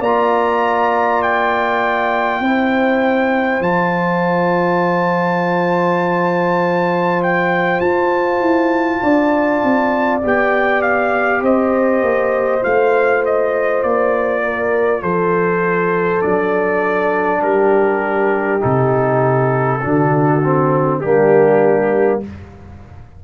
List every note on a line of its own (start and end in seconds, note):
0.00 2.40 A#3
0.00 2.43 F4
0.00 2.40 D5
0.00 1.22 A#5
1.22 3.62 G5
2.40 3.60 C4
2.40 3.62 E4
2.40 9.00 C5
3.60 7.80 F3
3.60 10.21 F4
3.60 7.22 A5
7.23 7.80 G5
7.80 8.40 F4
7.80 10.20 A5
8.40 9.00 E4
9.02 9.62 D4
9.02 11.43 D5
9.63 10.23 C4
10.23 11.42 B3
10.23 12.61 G4
10.23 10.82 G5
10.82 11.42 F5
11.42 12.02 C4
11.42 14.43 C5
11.42 12.63 D#5
12.02 12.62 A#3
12.61 13.83 A3
12.61 16.20 F4
12.61 13.23 F5
13.25 13.83 D#5
13.83 15.03 A#3
13.83 15.02 D5
14.43 15.02 A#4
15.02 16.23 F3
15.02 17.41 A4
15.02 16.21 C5
16.20 17.41 F#3
16.20 18.60 D4
16.20 17.41 D5
17.41 18.61 G3
17.41 19.81 G4
17.41 18.62 A#4
18.60 19.84 C3
18.60 19.80 D#4
18.60 21.00 A4
19.81 21.04 D3
19.81 20.41 D4
19.81 21.00 F#4
20.44 21.03 C4
21.00 22.24 G3
21.00 22.23 A#3
21.00 22.21 D4
21.00 22.20 G4